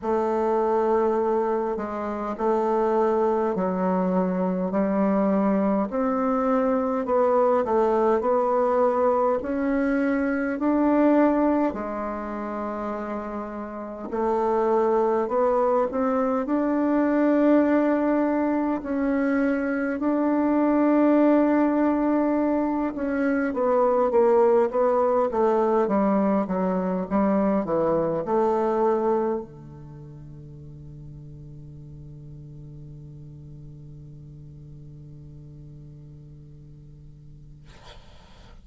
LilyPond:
\new Staff \with { instrumentName = "bassoon" } { \time 4/4 \tempo 4 = 51 a4. gis8 a4 fis4 | g4 c'4 b8 a8 b4 | cis'4 d'4 gis2 | a4 b8 c'8 d'2 |
cis'4 d'2~ d'8 cis'8 | b8 ais8 b8 a8 g8 fis8 g8 e8 | a4 d2.~ | d1 | }